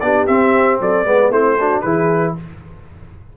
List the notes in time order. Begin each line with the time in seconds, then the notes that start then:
0.00 B3 D4 G4 D5
0.27 C4 E5
0.80 F#3 A4 D5
1.05 G#3 B3 B4
1.30 A3 C4 E4 C5
1.58 D4 F#4
1.81 E3 E4 G#4 B4